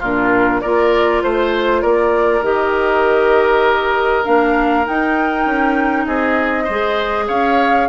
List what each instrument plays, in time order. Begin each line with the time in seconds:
0.00 bassoon A#2, clarinet D4, oboe F4, flute A#4
0.61 bassoon A#3, clarinet F4, oboe A#4, flute D5
1.23 bassoon A3, flute C5, oboe C5
1.82 bassoon A#3, oboe A#4, flute D5
2.42 bassoon D#3, clarinet G4, flute D#5
4.24 bassoon A#3, clarinet D4, flute F5
4.85 clarinet D#4, bassoon D#4, flute G5
5.46 bassoon C#4
6.06 bassoon C4, oboe G#4, flute D#5
6.64 bassoon G#3, oboe C5
6.70 clarinet G#4
7.27 bassoon C#4, oboe C#5, flute F5